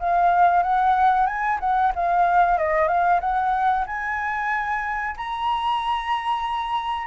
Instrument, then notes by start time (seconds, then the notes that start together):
flute
0.00 F5
0.63 F#5
1.26 G#5
1.60 F#5
1.95 F5
2.58 D#5
2.88 F5
3.21 F#5
3.87 G#5
5.17 A#5